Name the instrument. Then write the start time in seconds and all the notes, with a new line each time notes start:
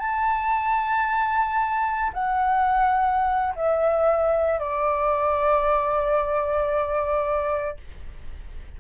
flute
0.00 A5
2.14 F#5
3.56 E5
4.60 D5